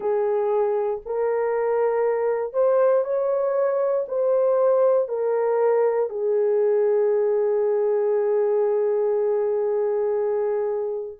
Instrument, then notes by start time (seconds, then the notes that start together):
horn
0.00 G#4
1.05 A#4
2.53 C5
3.04 C#5
4.08 C5
5.08 A#4
6.09 G#4